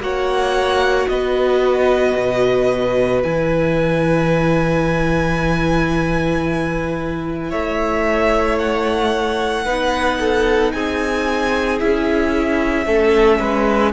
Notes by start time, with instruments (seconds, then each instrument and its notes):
0.00 cello A#3, viola F#4, violin C#5 F#5
1.08 cello B3, violin B4 D#5
2.17 cello B2
3.23 cello E3, viola E4, violin G#5
7.50 cello A3, violin C#5 E5
8.59 violin F#5
9.65 cello B3, viola D#4, violin B4
10.20 violin A4
10.72 cello C4, violin G#4 G#5
11.80 cello C#4, viola E4, violin E5
12.86 cello A3, viola C#4, violin A4
13.40 cello G#3, violin B4